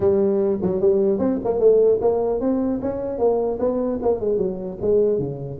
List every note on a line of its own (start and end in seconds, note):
0.00 0.59 G3
0.62 0.80 F#3
0.80 1.18 G3
1.18 1.38 C4
1.44 1.59 A#3
1.59 1.99 A3
2.01 2.40 A#3
2.40 2.80 C4
2.81 3.18 C#4
3.18 3.58 A#3
3.59 3.99 B3
4.01 4.20 A#3
4.20 4.37 G#3
4.37 4.77 F#3
4.81 5.18 G#3
5.18 5.58 C#3